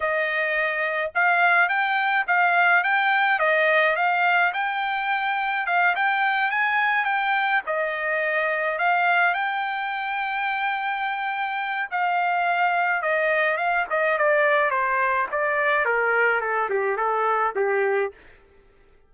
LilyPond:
\new Staff \with { instrumentName = "trumpet" } { \time 4/4 \tempo 4 = 106 dis''2 f''4 g''4 | f''4 g''4 dis''4 f''4 | g''2 f''8 g''4 gis''8~ | gis''8 g''4 dis''2 f''8~ |
f''8 g''2.~ g''8~ | g''4 f''2 dis''4 | f''8 dis''8 d''4 c''4 d''4 | ais'4 a'8 g'8 a'4 g'4 | }